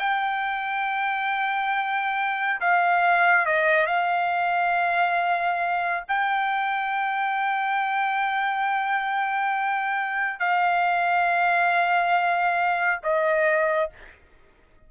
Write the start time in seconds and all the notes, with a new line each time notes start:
0.00 G5
2.61 F5
3.47 D#5
3.87 F5
6.09 G5
10.40 F5
13.04 D#5